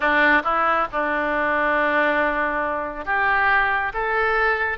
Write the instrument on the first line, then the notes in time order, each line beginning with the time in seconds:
oboe
0.00 D4
0.43 E4
0.92 D4
3.05 G4
3.93 A4